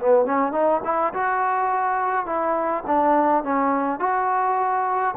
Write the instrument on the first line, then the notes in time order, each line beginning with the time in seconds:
trombone
0.00 B3
0.26 C#4
0.52 D#4
0.85 E4
1.14 F#4
2.26 E4
2.87 D4
3.44 C#4
4.00 F#4